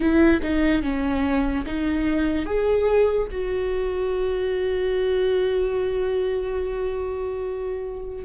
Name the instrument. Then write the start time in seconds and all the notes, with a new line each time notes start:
viola
0.00 E4
0.42 D#4
0.82 C#4
1.66 D#4
2.45 G#4
3.31 F#4